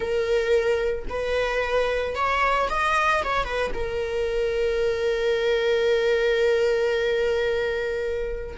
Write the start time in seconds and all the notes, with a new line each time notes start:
0.00 A#4
1.09 B4
2.15 C#5
2.69 D#5
3.24 C#5
3.44 B4
3.74 A#4